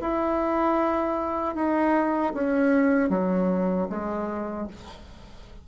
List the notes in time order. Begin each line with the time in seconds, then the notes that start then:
0.00 E4
1.54 D#4
2.33 C#4
3.09 F#3
3.89 G#3